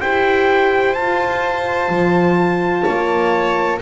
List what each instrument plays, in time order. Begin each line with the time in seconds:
0.00 double bass E4, horn G4, violin C5, trumpet G5
0.93 double bass F4, horn F4, trumpet A5
1.88 double bass F3
2.83 double bass A#3, violin C#5